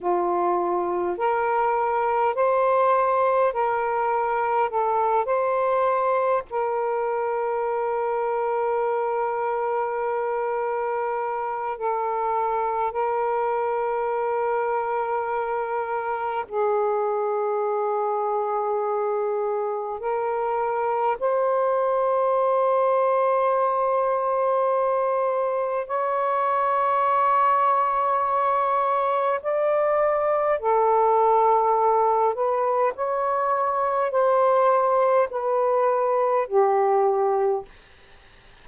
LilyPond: \new Staff \with { instrumentName = "saxophone" } { \time 4/4 \tempo 4 = 51 f'4 ais'4 c''4 ais'4 | a'8 c''4 ais'2~ ais'8~ | ais'2 a'4 ais'4~ | ais'2 gis'2~ |
gis'4 ais'4 c''2~ | c''2 cis''2~ | cis''4 d''4 a'4. b'8 | cis''4 c''4 b'4 g'4 | }